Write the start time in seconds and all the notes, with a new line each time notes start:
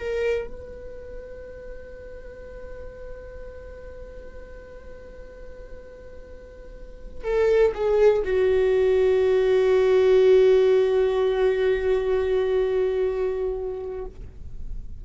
0.00 A#4
0.48 B4
7.24 A4
7.75 G#4
8.25 F#4